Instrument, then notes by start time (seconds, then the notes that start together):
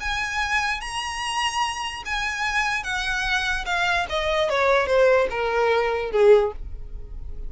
violin
0.00 G#5
0.80 A#5
2.05 G#5
2.83 F#5
3.65 F5
4.09 D#5
4.49 C#5
4.86 C5
5.30 A#4
6.11 G#4